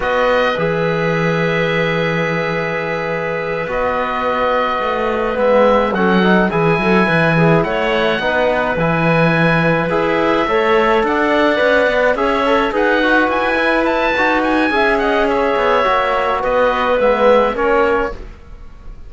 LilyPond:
<<
  \new Staff \with { instrumentName = "oboe" } { \time 4/4 \tempo 4 = 106 dis''4 e''2.~ | e''2~ e''8 dis''4.~ | dis''4. e''4 fis''4 gis''8~ | gis''4. fis''2 gis''8~ |
gis''4. e''2 fis''8~ | fis''4. e''4 fis''4 gis''8~ | gis''8 a''4 gis''4 fis''8 e''4~ | e''4 dis''4 e''4 cis''4 | }
  \new Staff \with { instrumentName = "clarinet" } { \time 4/4 b'1~ | b'1~ | b'2~ b'8 a'4 gis'8 | a'8 b'8 gis'8 cis''4 b'4.~ |
b'2~ b'8 cis''4 d''8~ | d''4. cis''4 b'4.~ | b'2 e''8 dis''8 cis''4~ | cis''4 b'2 ais'4 | }
  \new Staff \with { instrumentName = "trombone" } { \time 4/4 fis'4 gis'2.~ | gis'2~ gis'8 fis'4.~ | fis'4. b4 cis'8 dis'8 e'8~ | e'2~ e'8 dis'4 e'8~ |
e'4. gis'4 a'4.~ | a'8 b'4 gis'8 a'8 gis'8 fis'4 | e'4 fis'4 gis'2 | fis'2 b4 cis'4 | }
  \new Staff \with { instrumentName = "cello" } { \time 4/4 b4 e2.~ | e2~ e8 b4.~ | b8 a4 gis4 fis4 e8 | fis8 e4 a4 b4 e8~ |
e4. e'4 a4 d'8~ | d'8 cis'8 b8 cis'4 dis'4 e'8~ | e'4 dis'4 cis'4. b8 | ais4 b4 gis4 ais4 | }
>>